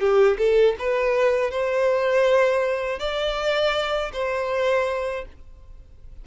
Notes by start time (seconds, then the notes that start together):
0.00 G4
0.39 A4
0.79 B4
1.51 C5
3.00 D5
4.13 C5